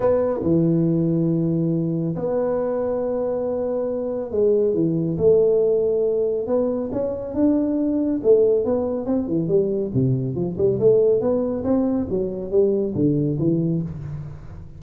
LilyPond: \new Staff \with { instrumentName = "tuba" } { \time 4/4 \tempo 4 = 139 b4 e2.~ | e4 b2.~ | b2 gis4 e4 | a2. b4 |
cis'4 d'2 a4 | b4 c'8 e8 g4 c4 | f8 g8 a4 b4 c'4 | fis4 g4 d4 e4 | }